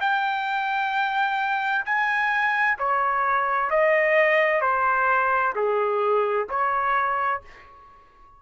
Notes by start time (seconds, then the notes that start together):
0.00 G5
1.85 G#5
2.78 C#5
3.70 D#5
4.61 C5
5.55 G#4
6.49 C#5